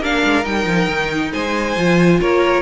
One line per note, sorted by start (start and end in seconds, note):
0.00 0.23 A#3
0.00 0.44 D4
0.00 1.31 A#4
0.00 0.45 F5
0.24 0.46 G#3
0.44 0.66 G3
0.44 1.75 D#4
0.44 1.33 G5
0.66 0.88 F3
0.89 1.32 D#3
1.33 1.77 G#3
1.33 2.20 C5
1.33 2.21 G#5
1.77 2.21 F3
1.77 2.62 F4
2.21 2.62 A#3
2.21 2.62 A#4
2.21 2.62 C#5